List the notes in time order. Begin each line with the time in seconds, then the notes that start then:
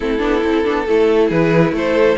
0.00 A3 C4 E4 A4
0.18 B3 D4
0.42 C4 E4
0.64 B3 D4
0.87 A3 E4 A4
1.28 E3 G#4 B4
1.71 A3 A4 C5